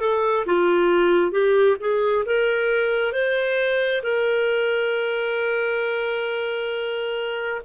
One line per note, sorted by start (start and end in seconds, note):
0.00 0.45 A4
0.46 1.31 F4
1.31 1.76 G4
1.80 2.24 G#4
2.25 3.12 A#4
3.12 4.01 C5
4.03 7.61 A#4